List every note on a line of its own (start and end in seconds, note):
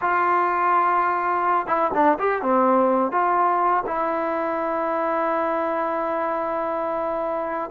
0.01 1.66 F4
1.66 1.90 E4
1.94 2.18 D4
2.19 2.42 G4
2.42 3.11 C4
3.11 3.83 F4
3.86 7.70 E4